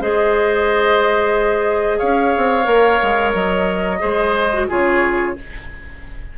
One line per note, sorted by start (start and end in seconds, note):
0.00 2.00 G#3
0.00 2.63 G#4
0.00 1.98 C5
0.00 1.98 D#5
1.98 2.35 C#4
1.98 3.98 C#5
1.98 3.32 F5
2.37 2.66 C4
2.63 2.99 A#3
2.63 3.97 A#4
3.02 3.34 G#3
3.33 4.01 F#3
3.33 4.66 D#5
3.99 4.69 G#3
3.99 4.49 G#4
3.99 4.67 C5
4.53 4.69 F#4
4.68 5.37 C#3
4.68 5.36 F4
4.68 5.35 G#4
4.68 5.38 C#5